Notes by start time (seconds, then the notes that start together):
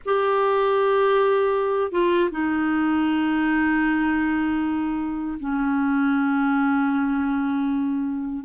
0.05 G4
1.91 F4
2.31 D#4
5.39 C#4